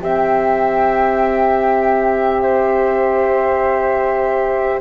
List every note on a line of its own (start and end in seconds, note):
0.00 4.80 C4
0.00 4.80 G4
0.00 2.42 E5
0.00 2.40 G5
2.40 4.80 C5
2.40 4.79 E5